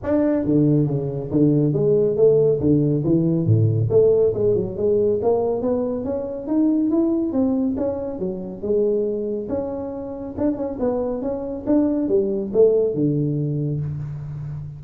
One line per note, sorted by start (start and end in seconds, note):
0.03 0.44 D4
0.44 0.86 D3
0.86 1.29 C#3
1.30 1.73 D3
1.73 2.16 G#3
2.16 2.59 A3
2.60 3.03 D3
3.03 3.45 E3
3.45 3.88 A2
3.89 4.33 A3
4.34 4.55 G#3
4.55 4.76 F#3
4.76 5.19 G#3
5.21 5.61 A#3
5.61 6.04 B3
6.04 6.47 C#4
6.47 6.90 D#4
6.90 7.32 E4
7.32 7.75 C4
7.77 8.19 C#4
8.19 8.61 F#3
8.61 9.48 G#3
9.48 10.35 C#4
10.37 10.56 D4
10.56 10.78 C#4
10.79 11.22 B3
11.22 11.65 C#4
11.66 12.08 D4
12.08 12.51 G3
12.53 12.94 A3
12.94 13.80 D3